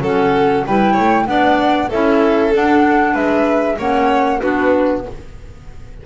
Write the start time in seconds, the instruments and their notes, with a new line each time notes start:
0.00 double bass F#3, clarinet C#4, violin A4, flute F#5
0.66 double bass G3, clarinet E4, violin B4, flute G5
0.92 violin C#5
0.99 double bass A3
1.26 double bass B3, clarinet D4, violin D5, flute F#5
1.89 double bass C#4, clarinet E4, violin A4, flute E5
2.52 clarinet D4, double bass D4, flute F#5
3.13 double bass G#3, violin B4, flute E5
3.78 double bass A#3, clarinet C#4, violin C#5, flute F#5
4.39 double bass B3, clarinet D4, violin F#4, flute B4